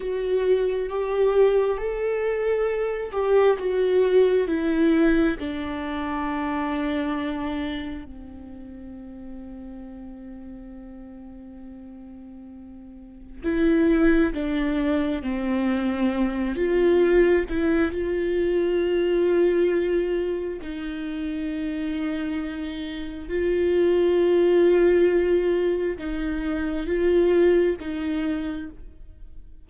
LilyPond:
\new Staff \with { instrumentName = "viola" } { \time 4/4 \tempo 4 = 67 fis'4 g'4 a'4. g'8 | fis'4 e'4 d'2~ | d'4 c'2.~ | c'2. e'4 |
d'4 c'4. f'4 e'8 | f'2. dis'4~ | dis'2 f'2~ | f'4 dis'4 f'4 dis'4 | }